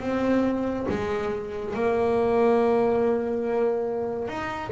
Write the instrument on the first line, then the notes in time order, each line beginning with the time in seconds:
double bass
0.00 C4
0.88 G#3
1.74 A#3
4.27 D#4